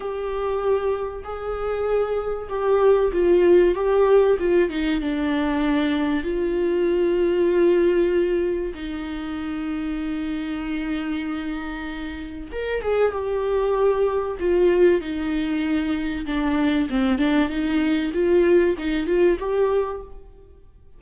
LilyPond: \new Staff \with { instrumentName = "viola" } { \time 4/4 \tempo 4 = 96 g'2 gis'2 | g'4 f'4 g'4 f'8 dis'8 | d'2 f'2~ | f'2 dis'2~ |
dis'1 | ais'8 gis'8 g'2 f'4 | dis'2 d'4 c'8 d'8 | dis'4 f'4 dis'8 f'8 g'4 | }